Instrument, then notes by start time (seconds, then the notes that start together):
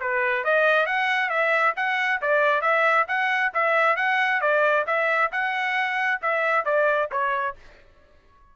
trumpet
0.00 B4
0.44 D#5
0.86 F#5
1.29 E5
1.76 F#5
2.21 D5
2.61 E5
3.08 F#5
3.54 E5
3.96 F#5
4.41 D5
4.87 E5
5.32 F#5
6.22 E5
6.65 D5
7.11 C#5